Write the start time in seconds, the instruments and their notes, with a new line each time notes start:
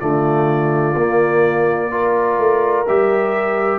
0.00 tuba D3, trombone A3, horn F4, trumpet D5
0.95 tuba A#3, trombone A#3
1.91 trombone F4, horn A#4
2.38 tuba A3
2.87 tuba G3, trombone G4, trumpet E5